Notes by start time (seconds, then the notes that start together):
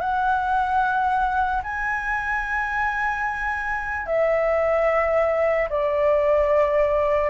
0.00 F#5
1.63 G#5
4.06 E5
5.69 D5